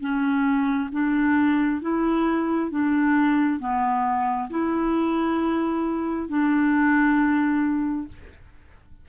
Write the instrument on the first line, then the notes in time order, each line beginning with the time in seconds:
clarinet
0.00 C#4
0.92 D4
1.82 E4
2.71 D4
3.59 B3
4.50 E4
6.29 D4